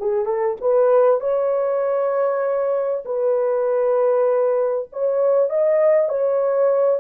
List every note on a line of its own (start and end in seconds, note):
0.00 0.26 G#4
0.26 0.56 A4
0.61 1.20 B4
1.20 3.04 C#5
3.05 4.89 B4
4.92 5.50 C#5
5.50 6.09 D#5
6.09 7.00 C#5